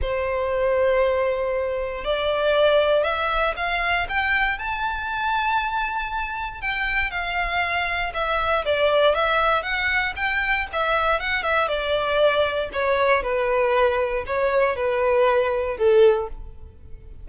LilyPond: \new Staff \with { instrumentName = "violin" } { \time 4/4 \tempo 4 = 118 c''1 | d''2 e''4 f''4 | g''4 a''2.~ | a''4 g''4 f''2 |
e''4 d''4 e''4 fis''4 | g''4 e''4 fis''8 e''8 d''4~ | d''4 cis''4 b'2 | cis''4 b'2 a'4 | }